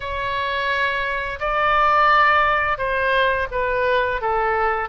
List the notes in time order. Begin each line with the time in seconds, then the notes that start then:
0.00 C#5
1.40 D5
2.77 C5
3.51 B4
4.21 A4